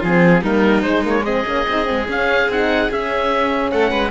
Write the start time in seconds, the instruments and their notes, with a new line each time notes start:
0.00 cello F3, horn C4, violin F4, oboe G#4
0.42 cello G3, horn A#3, violin D#4, oboe A#4
0.82 cello G#3, horn G#3, oboe C5
1.03 horn A#3
1.09 oboe C#5
1.25 horn C4, violin G#4, oboe D#5
1.46 cello A#3, horn C#4
1.68 cello C4, horn D#4
1.85 horn C4
1.91 cello G#3
2.08 horn C#4, cello C#4, oboe F5
2.49 cello C4, horn D#4, oboe F#5
2.91 cello C#4, horn C#4, oboe E5
3.71 cello A3, violin A4, oboe F#5
3.91 cello G#3, violin B4